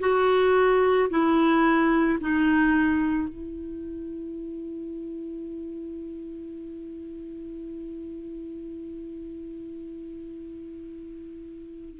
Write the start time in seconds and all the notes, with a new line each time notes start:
0.00 F#4
1.10 E4
2.21 D#4
3.29 E4